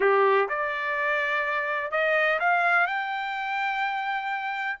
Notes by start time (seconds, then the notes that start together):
0.00 G4
0.48 D5
1.91 D#5
2.39 F5
2.86 G5